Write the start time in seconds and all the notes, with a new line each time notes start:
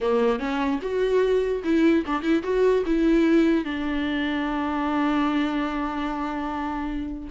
0.01 A#3
0.39 C#4
0.81 F#4
1.63 E4
2.06 D4
2.22 E4
2.43 F#4
2.86 E4
3.64 D4